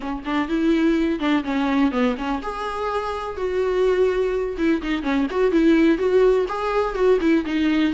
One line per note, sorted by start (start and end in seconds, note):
0.00 0.23 C#4
0.25 0.48 D4
0.48 1.19 E4
1.19 1.43 D4
1.44 1.91 C#4
1.91 2.15 B3
2.17 2.41 C#4
2.42 3.36 G#4
3.36 4.56 F#4
4.57 4.81 E4
4.82 5.02 D#4
5.02 5.26 C#4
5.30 5.51 F#4
5.51 5.98 E4
5.98 6.46 F#4
6.48 6.94 G#4
6.94 7.18 F#4
7.20 7.44 E4
7.45 7.93 D#4